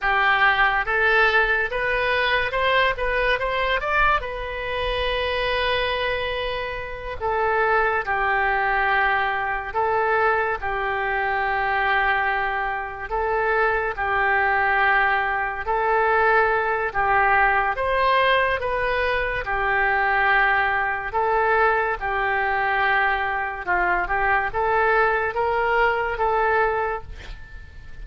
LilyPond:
\new Staff \with { instrumentName = "oboe" } { \time 4/4 \tempo 4 = 71 g'4 a'4 b'4 c''8 b'8 | c''8 d''8 b'2.~ | b'8 a'4 g'2 a'8~ | a'8 g'2. a'8~ |
a'8 g'2 a'4. | g'4 c''4 b'4 g'4~ | g'4 a'4 g'2 | f'8 g'8 a'4 ais'4 a'4 | }